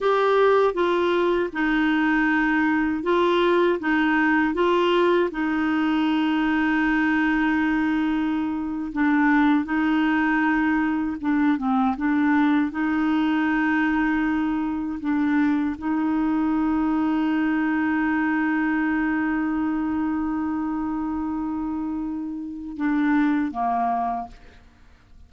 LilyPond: \new Staff \with { instrumentName = "clarinet" } { \time 4/4 \tempo 4 = 79 g'4 f'4 dis'2 | f'4 dis'4 f'4 dis'4~ | dis'2.~ dis'8. d'16~ | d'8. dis'2 d'8 c'8 d'16~ |
d'8. dis'2. d'16~ | d'8. dis'2.~ dis'16~ | dis'1~ | dis'2 d'4 ais4 | }